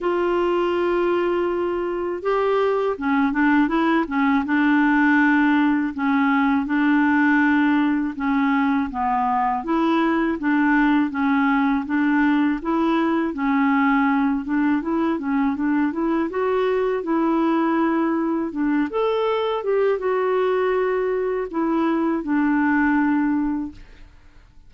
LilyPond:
\new Staff \with { instrumentName = "clarinet" } { \time 4/4 \tempo 4 = 81 f'2. g'4 | cis'8 d'8 e'8 cis'8 d'2 | cis'4 d'2 cis'4 | b4 e'4 d'4 cis'4 |
d'4 e'4 cis'4. d'8 | e'8 cis'8 d'8 e'8 fis'4 e'4~ | e'4 d'8 a'4 g'8 fis'4~ | fis'4 e'4 d'2 | }